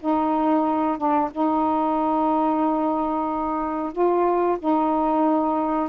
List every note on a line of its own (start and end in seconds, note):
0.00 0.98 D#4
0.98 1.30 D4
1.32 3.92 D#4
3.92 4.58 F4
4.59 5.89 D#4